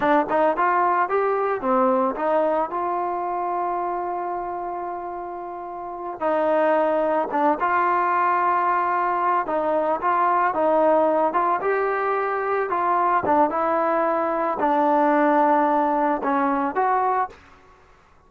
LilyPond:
\new Staff \with { instrumentName = "trombone" } { \time 4/4 \tempo 4 = 111 d'8 dis'8 f'4 g'4 c'4 | dis'4 f'2.~ | f'2.~ f'8 dis'8~ | dis'4. d'8 f'2~ |
f'4. dis'4 f'4 dis'8~ | dis'4 f'8 g'2 f'8~ | f'8 d'8 e'2 d'4~ | d'2 cis'4 fis'4 | }